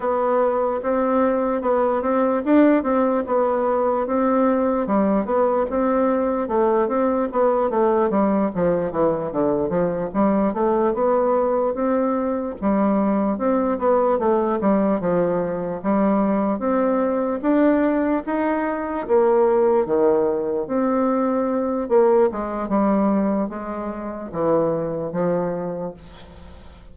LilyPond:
\new Staff \with { instrumentName = "bassoon" } { \time 4/4 \tempo 4 = 74 b4 c'4 b8 c'8 d'8 c'8 | b4 c'4 g8 b8 c'4 | a8 c'8 b8 a8 g8 f8 e8 d8 | f8 g8 a8 b4 c'4 g8~ |
g8 c'8 b8 a8 g8 f4 g8~ | g8 c'4 d'4 dis'4 ais8~ | ais8 dis4 c'4. ais8 gis8 | g4 gis4 e4 f4 | }